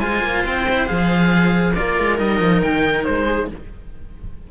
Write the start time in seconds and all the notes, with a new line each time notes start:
0.00 G#3 F4 C5 G#5
0.22 A#3
0.45 C4 G5
0.69 E4
0.86 F3 G#4 F5
1.75 A#3 F4 A#4 D5
1.99 G#3
2.18 G3 D#4 D#5
2.40 F3
2.62 D#3 G5
3.04 G#3 C5
3.26 G#4